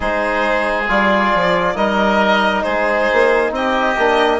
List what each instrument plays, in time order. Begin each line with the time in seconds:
0.00 bassoon G#3, trombone D#4, oboe G#4, violin C5
0.88 bassoon G3, trombone F4, violin D5
1.34 bassoon F3
1.75 bassoon G3, trombone D#4, oboe A#4, violin D#5
2.62 bassoon G#3, oboe G#4, violin C5
3.12 bassoon A#3
3.51 bassoon C4, oboe G4, violin D#5
3.98 bassoon A#3, trombone D4